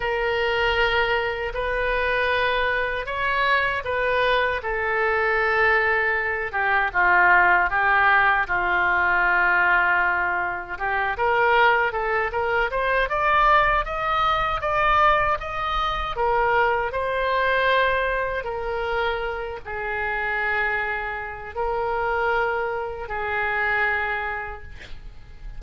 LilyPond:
\new Staff \with { instrumentName = "oboe" } { \time 4/4 \tempo 4 = 78 ais'2 b'2 | cis''4 b'4 a'2~ | a'8 g'8 f'4 g'4 f'4~ | f'2 g'8 ais'4 a'8 |
ais'8 c''8 d''4 dis''4 d''4 | dis''4 ais'4 c''2 | ais'4. gis'2~ gis'8 | ais'2 gis'2 | }